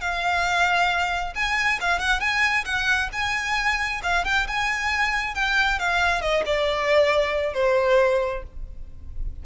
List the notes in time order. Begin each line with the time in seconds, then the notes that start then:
0.00 F5
1.35 G#5
1.80 F5
1.99 F#5
2.20 G#5
2.64 F#5
3.12 G#5
4.03 F5
4.24 G5
4.47 G#5
5.34 G5
5.79 F5
6.21 D#5
6.46 D5
7.54 C5